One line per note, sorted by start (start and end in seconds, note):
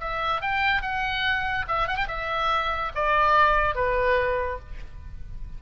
0.00 0.41 E5
0.41 0.81 G5
0.81 1.65 F#5
1.67 1.87 E5
1.87 1.96 F#5
1.96 2.07 G5
2.07 2.91 E5
2.94 3.75 D5
3.75 4.59 B4